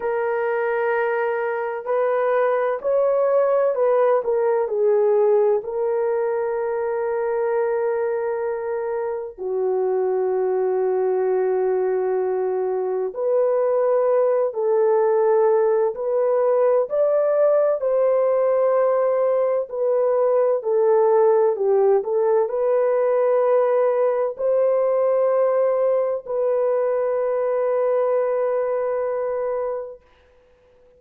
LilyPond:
\new Staff \with { instrumentName = "horn" } { \time 4/4 \tempo 4 = 64 ais'2 b'4 cis''4 | b'8 ais'8 gis'4 ais'2~ | ais'2 fis'2~ | fis'2 b'4. a'8~ |
a'4 b'4 d''4 c''4~ | c''4 b'4 a'4 g'8 a'8 | b'2 c''2 | b'1 | }